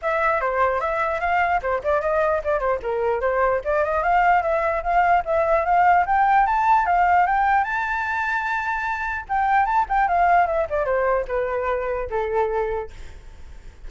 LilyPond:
\new Staff \with { instrumentName = "flute" } { \time 4/4 \tempo 4 = 149 e''4 c''4 e''4 f''4 | c''8 d''8 dis''4 d''8 c''8 ais'4 | c''4 d''8 dis''8 f''4 e''4 | f''4 e''4 f''4 g''4 |
a''4 f''4 g''4 a''4~ | a''2. g''4 | a''8 g''8 f''4 e''8 d''8 c''4 | b'2 a'2 | }